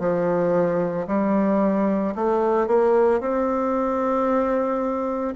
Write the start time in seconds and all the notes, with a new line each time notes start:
0.00 F3
1.08 G3
2.16 A3
2.67 A#3
3.20 C4